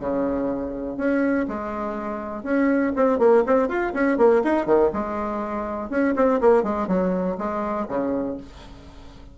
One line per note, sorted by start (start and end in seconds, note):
0.00 0.97 C#3
0.97 1.47 C#4
1.48 2.44 G#3
2.44 2.93 C#4
2.96 3.19 C4
3.19 3.44 A#3
3.47 3.69 C4
3.69 3.93 F4
3.94 4.18 C#4
4.18 4.42 A#3
4.44 4.66 D#4
4.66 4.91 D#3
4.94 5.90 G#3
5.90 6.15 C#4
6.16 6.41 C4
6.41 6.64 A#3
6.64 6.88 G#3
6.88 7.37 F#3
7.38 7.88 G#3
7.89 8.38 C#3